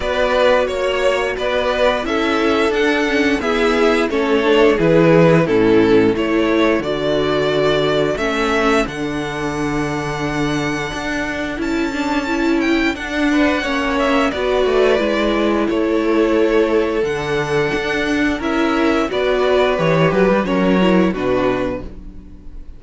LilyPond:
<<
  \new Staff \with { instrumentName = "violin" } { \time 4/4 \tempo 4 = 88 d''4 cis''4 d''4 e''4 | fis''4 e''4 cis''4 b'4 | a'4 cis''4 d''2 | e''4 fis''2.~ |
fis''4 a''4. g''8 fis''4~ | fis''8 e''8 d''2 cis''4~ | cis''4 fis''2 e''4 | d''4 cis''8 b'8 cis''4 b'4 | }
  \new Staff \with { instrumentName = "violin" } { \time 4/4 b'4 cis''4 b'4 a'4~ | a'4 gis'4 a'4 gis'4 | e'4 a'2.~ | a'1~ |
a'2.~ a'8 b'8 | cis''4 b'2 a'4~ | a'2. ais'4 | b'2 ais'4 fis'4 | }
  \new Staff \with { instrumentName = "viola" } { \time 4/4 fis'2. e'4 | d'8 cis'8 b4 cis'8 d'8 e'4 | cis'4 e'4 fis'2 | cis'4 d'2.~ |
d'4 e'8 d'8 e'4 d'4 | cis'4 fis'4 e'2~ | e'4 d'2 e'4 | fis'4 g'4 cis'8 e'8 d'4 | }
  \new Staff \with { instrumentName = "cello" } { \time 4/4 b4 ais4 b4 cis'4 | d'4 e'4 a4 e4 | a,4 a4 d2 | a4 d2. |
d'4 cis'2 d'4 | ais4 b8 a8 gis4 a4~ | a4 d4 d'4 cis'4 | b4 e8 fis16 g16 fis4 b,4 | }
>>